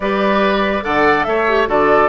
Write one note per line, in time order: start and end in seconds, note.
0.00 0.81 G3
0.00 0.81 G4
0.00 0.84 B4
0.00 0.84 D5
0.81 1.26 D3
0.81 1.44 A4
0.81 1.26 D5
0.81 1.23 F#5
1.23 1.67 A3
1.23 1.69 C#5
1.23 1.65 E5
1.47 1.66 G4
1.66 2.08 D3
1.66 2.08 F#4
1.66 2.08 A4
1.66 2.08 D5